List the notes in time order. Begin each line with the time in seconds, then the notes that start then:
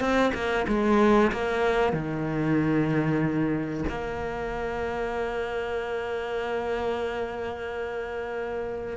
0.00 C4
0.34 A#3
0.68 G#3
1.32 A#3
1.93 D#3
3.89 A#3